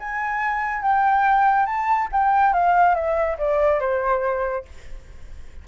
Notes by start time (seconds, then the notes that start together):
0.00 G#5
0.82 G5
1.66 A5
2.12 G5
2.53 F5
2.95 E5
3.38 D5
3.80 C5